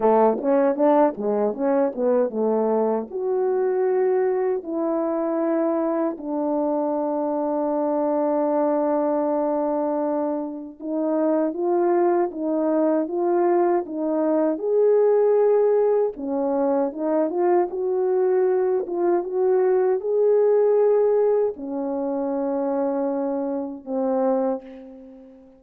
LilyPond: \new Staff \with { instrumentName = "horn" } { \time 4/4 \tempo 4 = 78 a8 cis'8 d'8 gis8 cis'8 b8 a4 | fis'2 e'2 | d'1~ | d'2 dis'4 f'4 |
dis'4 f'4 dis'4 gis'4~ | gis'4 cis'4 dis'8 f'8 fis'4~ | fis'8 f'8 fis'4 gis'2 | cis'2. c'4 | }